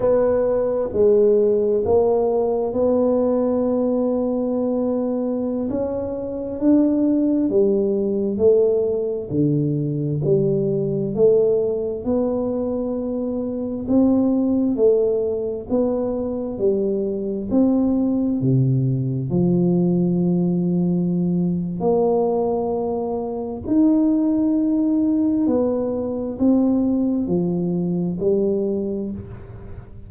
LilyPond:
\new Staff \with { instrumentName = "tuba" } { \time 4/4 \tempo 4 = 66 b4 gis4 ais4 b4~ | b2~ b16 cis'4 d'8.~ | d'16 g4 a4 d4 g8.~ | g16 a4 b2 c'8.~ |
c'16 a4 b4 g4 c'8.~ | c'16 c4 f2~ f8. | ais2 dis'2 | b4 c'4 f4 g4 | }